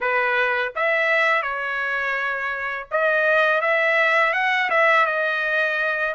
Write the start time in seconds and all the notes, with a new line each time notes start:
0.00 B4
0.75 E5
1.42 C#5
2.91 D#5
3.61 E5
4.33 F#5
4.70 E5
5.05 D#5